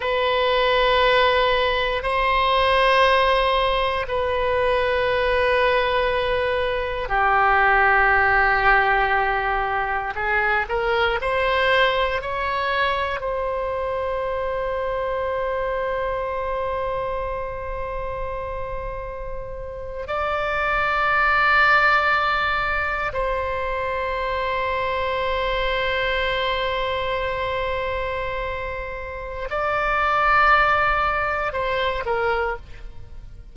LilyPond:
\new Staff \with { instrumentName = "oboe" } { \time 4/4 \tempo 4 = 59 b'2 c''2 | b'2. g'4~ | g'2 gis'8 ais'8 c''4 | cis''4 c''2.~ |
c''2.~ c''8. d''16~ | d''2~ d''8. c''4~ c''16~ | c''1~ | c''4 d''2 c''8 ais'8 | }